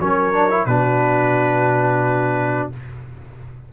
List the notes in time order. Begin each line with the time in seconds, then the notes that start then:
0.00 F#3 C#4 A#4 C#5
0.34 D4
0.51 E4
0.66 B2 D4 F#4 B4